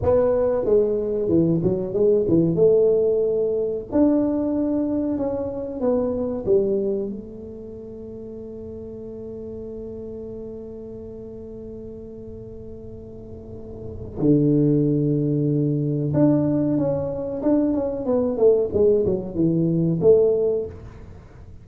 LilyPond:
\new Staff \with { instrumentName = "tuba" } { \time 4/4 \tempo 4 = 93 b4 gis4 e8 fis8 gis8 e8 | a2 d'2 | cis'4 b4 g4 a4~ | a1~ |
a1~ | a2 d2~ | d4 d'4 cis'4 d'8 cis'8 | b8 a8 gis8 fis8 e4 a4 | }